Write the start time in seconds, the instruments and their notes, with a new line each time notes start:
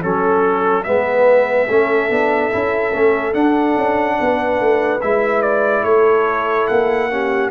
0.00 tuba F#3, trombone C#4, horn A4, trumpet A4
0.84 tuba G#3, trombone B3, horn B4, trumpet E5
1.66 tuba A3, trombone C#4, horn A4
2.10 tuba B3, trombone D4
2.51 tuba C#4, trombone E4
2.94 tuba A3, trombone C#4
3.34 trombone D4, tuba D4, trumpet F#5
3.77 tuba C#4
4.20 tuba B3, horn B4
4.61 tuba A3
5.02 tuba G#3, trombone E4, trumpet E5
5.43 trumpet D5
5.84 tuba A3, horn A4, trumpet C#5
6.68 tuba A#3, trumpet F#5
7.11 trombone C#4, horn G4